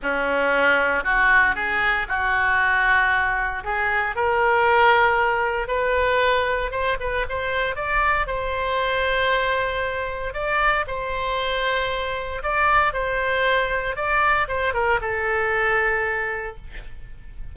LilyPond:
\new Staff \with { instrumentName = "oboe" } { \time 4/4 \tempo 4 = 116 cis'2 fis'4 gis'4 | fis'2. gis'4 | ais'2. b'4~ | b'4 c''8 b'8 c''4 d''4 |
c''1 | d''4 c''2. | d''4 c''2 d''4 | c''8 ais'8 a'2. | }